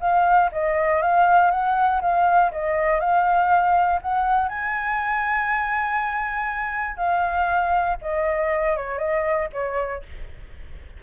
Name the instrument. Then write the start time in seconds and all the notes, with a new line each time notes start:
flute
0.00 F5
0.52 D#5
1.02 F5
1.50 F#5
2.01 F5
2.51 D#5
3.00 F5
4.01 F#5
4.48 G#5
6.97 F5
8.01 D#5
8.76 C#5
8.98 D#5
9.53 C#5